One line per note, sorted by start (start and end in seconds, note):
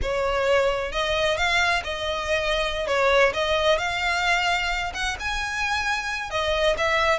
0.01 0.91 C#5
0.91 1.37 D#5
1.37 1.82 F5
1.84 2.87 D#5
2.87 3.32 C#5
3.33 3.78 D#5
3.78 4.92 F5
4.93 5.16 F#5
5.19 6.30 G#5
6.30 6.76 D#5
6.77 7.19 E5